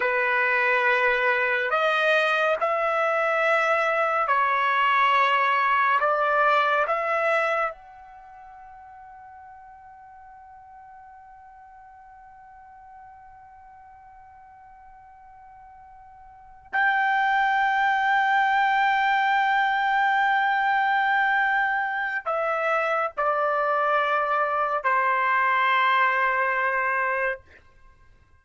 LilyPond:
\new Staff \with { instrumentName = "trumpet" } { \time 4/4 \tempo 4 = 70 b'2 dis''4 e''4~ | e''4 cis''2 d''4 | e''4 fis''2.~ | fis''1~ |
fis''2.~ fis''8 g''8~ | g''1~ | g''2 e''4 d''4~ | d''4 c''2. | }